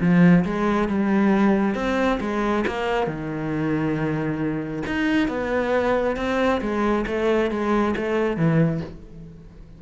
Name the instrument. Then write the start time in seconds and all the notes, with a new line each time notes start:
cello
0.00 F3
0.44 G#3
0.88 G3
1.74 C4
2.20 G#3
2.67 A#3
3.06 D#3
4.86 D#4
5.28 B3
6.16 C4
6.61 G#3
7.06 A3
7.50 G#3
7.96 A3
8.36 E3